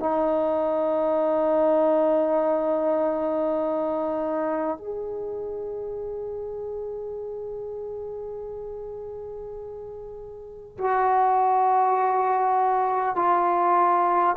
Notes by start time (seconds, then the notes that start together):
0.00 D#4
4.78 G#4
10.78 F#4
13.16 F4